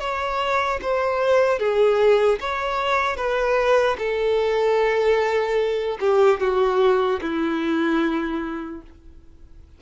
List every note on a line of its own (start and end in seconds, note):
0.00 0.80 C#5
0.82 1.59 C5
1.59 2.39 G#4
2.40 3.17 C#5
3.17 3.97 B4
3.98 5.98 A4
6.00 6.40 G4
6.41 7.21 F#4
7.22 8.82 E4